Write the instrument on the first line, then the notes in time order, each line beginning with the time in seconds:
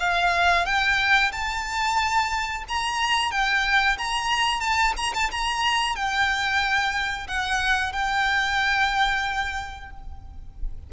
violin
0.00 F5
0.66 G5
1.32 A5
2.69 A#5
3.31 G5
3.98 A#5
4.60 A5
4.97 A#5
5.14 A5
5.31 A#5
5.96 G5
7.28 F#5
7.93 G5